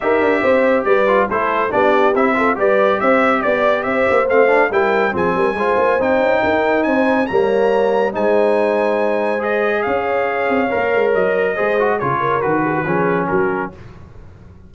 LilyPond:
<<
  \new Staff \with { instrumentName = "trumpet" } { \time 4/4 \tempo 4 = 140 e''2 d''4 c''4 | d''4 e''4 d''4 e''4 | d''4 e''4 f''4 g''4 | gis''2 g''2 |
gis''4 ais''2 gis''4~ | gis''2 dis''4 f''4~ | f''2 dis''2 | cis''4 b'2 ais'4 | }
  \new Staff \with { instrumentName = "horn" } { \time 4/4 ais'4 c''4 b'4 a'4 | g'4. a'8 b'4 c''4 | d''4 c''2 ais'4 | gis'8 ais'8 c''2 ais'4 |
c''4 cis''2 c''4~ | c''2. cis''4~ | cis''2. c''4 | gis'8 ais'4 gis'16 fis'16 gis'4 fis'4 | }
  \new Staff \with { instrumentName = "trombone" } { \time 4/4 g'2~ g'8 f'8 e'4 | d'4 e'8 f'8 g'2~ | g'2 c'8 d'8 e'4 | c'4 f'4 dis'2~ |
dis'4 ais2 dis'4~ | dis'2 gis'2~ | gis'4 ais'2 gis'8 fis'8 | f'4 fis'4 cis'2 | }
  \new Staff \with { instrumentName = "tuba" } { \time 4/4 dis'8 d'8 c'4 g4 a4 | b4 c'4 g4 c'4 | b4 c'8 ais8 a4 g4 | f8 g8 gis8 ais8 c'8 cis'8 dis'4 |
c'4 g2 gis4~ | gis2. cis'4~ | cis'8 c'8 ais8 gis8 fis4 gis4 | cis4 dis4 f4 fis4 | }
>>